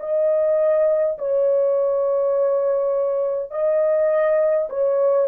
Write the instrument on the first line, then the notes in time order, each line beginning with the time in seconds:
horn
0.00 D#5
1.19 C#5
3.51 D#5
4.70 C#5